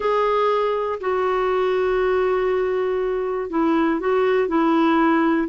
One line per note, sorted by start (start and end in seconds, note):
0.00 0.99 G#4
1.00 3.50 F#4
3.50 4.00 E4
4.00 4.48 F#4
4.48 5.48 E4